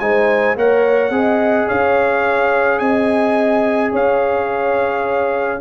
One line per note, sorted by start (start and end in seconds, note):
0.00 0.57 G#3
0.00 0.58 D#4
0.00 0.57 C5
0.00 0.56 G#5
0.57 1.11 A#3
0.57 1.12 A#4
0.57 1.13 C#5
0.57 1.69 F#5
1.11 1.67 C4
1.11 5.60 G#4
1.11 1.68 D#5
1.68 2.81 C#4
1.68 2.80 C#5
1.68 2.79 F5
2.79 3.93 C4
2.79 3.92 D#5
2.79 3.92 G#5
3.92 5.61 C#4
3.92 5.60 C#5
3.92 5.61 F5